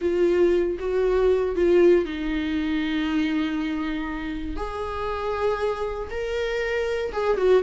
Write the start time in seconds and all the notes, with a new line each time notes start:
0.01 F4
0.79 F#4
1.55 F4
2.05 D#4
4.56 G#4
6.10 A#4
7.12 G#4
7.37 F#4